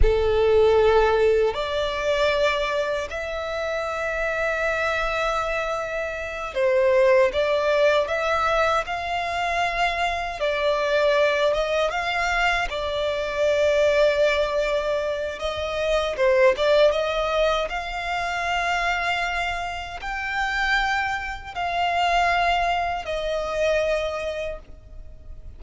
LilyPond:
\new Staff \with { instrumentName = "violin" } { \time 4/4 \tempo 4 = 78 a'2 d''2 | e''1~ | e''8 c''4 d''4 e''4 f''8~ | f''4. d''4. dis''8 f''8~ |
f''8 d''2.~ d''8 | dis''4 c''8 d''8 dis''4 f''4~ | f''2 g''2 | f''2 dis''2 | }